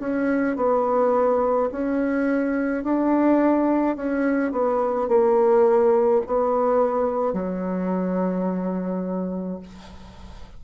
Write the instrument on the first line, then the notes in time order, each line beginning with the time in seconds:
bassoon
0.00 C#4
0.57 B3
1.72 C#4
2.84 D4
3.96 C#4
4.52 B3
5.08 A#3
6.27 B3
7.33 F#3